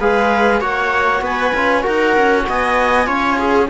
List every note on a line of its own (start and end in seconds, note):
0.00 0.61 G#3
0.00 0.61 G#4
0.00 0.61 B4
0.00 0.62 F5
0.61 1.22 A#3
0.61 1.54 F#4
0.61 1.23 C#5
0.61 1.23 F#5
1.22 1.53 B3
1.22 1.84 B4
1.22 1.86 G#5
1.55 1.86 C#4
1.55 1.83 F4
1.83 2.17 D#4
1.83 3.06 F#4
1.83 2.45 A#4
1.83 2.48 F#5
2.17 2.48 C#4
2.49 3.08 B3
2.49 3.07 D#5
2.49 3.71 G#5
3.06 3.70 C#4
3.06 3.68 F4
3.06 3.38 C#5
3.39 3.70 G#4